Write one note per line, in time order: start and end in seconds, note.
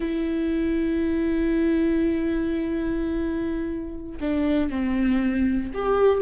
0.00 4.19 E4
4.20 4.69 D4
4.69 5.71 C4
5.74 6.21 G4